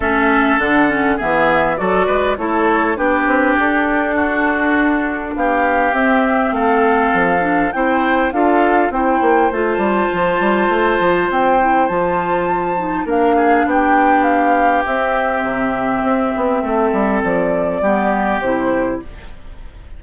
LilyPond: <<
  \new Staff \with { instrumentName = "flute" } { \time 4/4 \tempo 4 = 101 e''4 fis''4 e''4 d''4 | cis''4 b'4 a'2~ | a'4 f''4 e''4 f''4~ | f''4 g''4 f''4 g''4 |
a''2. g''4 | a''2 f''4 g''4 | f''4 e''2.~ | e''4 d''2 c''4 | }
  \new Staff \with { instrumentName = "oboe" } { \time 4/4 a'2 gis'4 a'8 b'8 | a'4 g'2 fis'4~ | fis'4 g'2 a'4~ | a'4 c''4 a'4 c''4~ |
c''1~ | c''2 ais'8 gis'8 g'4~ | g'1 | a'2 g'2 | }
  \new Staff \with { instrumentName = "clarinet" } { \time 4/4 cis'4 d'8 cis'8 b4 fis'4 | e'4 d'2.~ | d'2 c'2~ | c'8 d'8 e'4 f'4 e'4 |
f'2.~ f'8 e'8 | f'4. dis'8 d'2~ | d'4 c'2.~ | c'2 b4 e'4 | }
  \new Staff \with { instrumentName = "bassoon" } { \time 4/4 a4 d4 e4 fis8 gis8 | a4 b8 c'8 d'2~ | d'4 b4 c'4 a4 | f4 c'4 d'4 c'8 ais8 |
a8 g8 f8 g8 a8 f8 c'4 | f2 ais4 b4~ | b4 c'4 c4 c'8 b8 | a8 g8 f4 g4 c4 | }
>>